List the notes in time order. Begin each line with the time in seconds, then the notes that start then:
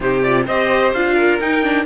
0.00 C3 D#4 G4 C5
0.22 F4 D5
0.45 C4 G4 C5 D#5
0.93 D4 F4 F5
1.14 A#4
1.40 D#4 G5
1.62 D4